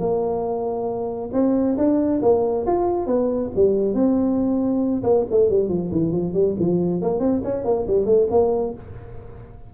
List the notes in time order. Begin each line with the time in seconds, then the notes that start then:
0.00 A#3
1.33 C4
1.78 D4
2.22 A#3
2.67 F4
3.07 B3
3.56 G3
3.95 C4
5.04 A#3
5.31 A3
5.50 G3
5.69 F3
5.92 E3
6.13 F3
6.34 G3
6.60 F3
7.02 A#3
7.20 C4
7.44 C#4
7.65 A#3
7.88 G3
8.06 A3
8.31 A#3